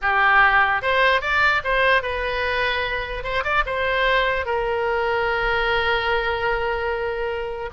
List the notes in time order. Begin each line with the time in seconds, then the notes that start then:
0.01 G4
0.82 C5
1.21 D5
1.64 C5
2.02 B4
3.23 C5
3.43 D5
3.66 C5
4.45 A#4